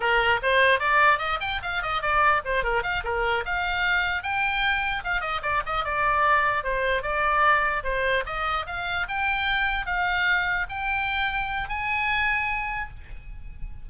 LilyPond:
\new Staff \with { instrumentName = "oboe" } { \time 4/4 \tempo 4 = 149 ais'4 c''4 d''4 dis''8 g''8 | f''8 dis''8 d''4 c''8 ais'8 f''8 ais'8~ | ais'8 f''2 g''4.~ | g''8 f''8 dis''8 d''8 dis''8 d''4.~ |
d''8 c''4 d''2 c''8~ | c''8 dis''4 f''4 g''4.~ | g''8 f''2 g''4.~ | g''4 gis''2. | }